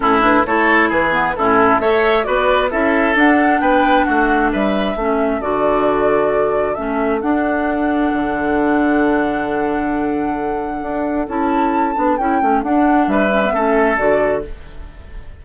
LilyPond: <<
  \new Staff \with { instrumentName = "flute" } { \time 4/4 \tempo 4 = 133 a'8 b'8 cis''4 b'4 a'4 | e''4 d''4 e''4 fis''4 | g''4 fis''4 e''2 | d''2. e''4 |
fis''1~ | fis''1~ | fis''4 a''2 g''4 | fis''4 e''2 d''4 | }
  \new Staff \with { instrumentName = "oboe" } { \time 4/4 e'4 a'4 gis'4 e'4 | cis''4 b'4 a'2 | b'4 fis'4 b'4 a'4~ | a'1~ |
a'1~ | a'1~ | a'1~ | a'4 b'4 a'2 | }
  \new Staff \with { instrumentName = "clarinet" } { \time 4/4 cis'8 d'8 e'4. b8 cis'4 | a'4 fis'4 e'4 d'4~ | d'2. cis'4 | fis'2. cis'4 |
d'1~ | d'1~ | d'4 e'4. d'8 e'8 cis'8 | d'4. cis'16 b16 cis'4 fis'4 | }
  \new Staff \with { instrumentName = "bassoon" } { \time 4/4 a,4 a4 e4 a,4 | a4 b4 cis'4 d'4 | b4 a4 g4 a4 | d2. a4 |
d'2 d2~ | d1 | d'4 cis'4. b8 cis'8 a8 | d'4 g4 a4 d4 | }
>>